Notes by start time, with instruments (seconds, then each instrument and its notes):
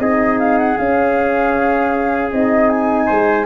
0.00 tuba C4, horn D#4, trumpet G#4, flute D#5
0.40 flute F5
0.59 flute F#5
0.78 horn C#4, tuba C#4, flute F5
2.30 tuba C4, horn D#4, flute D#5
2.70 flute G#5
3.07 tuba G#3, trumpet C5